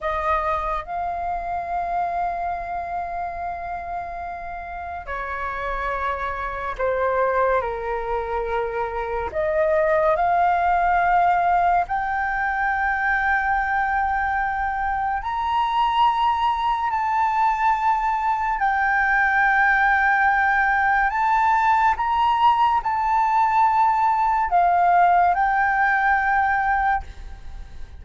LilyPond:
\new Staff \with { instrumentName = "flute" } { \time 4/4 \tempo 4 = 71 dis''4 f''2.~ | f''2 cis''2 | c''4 ais'2 dis''4 | f''2 g''2~ |
g''2 ais''2 | a''2 g''2~ | g''4 a''4 ais''4 a''4~ | a''4 f''4 g''2 | }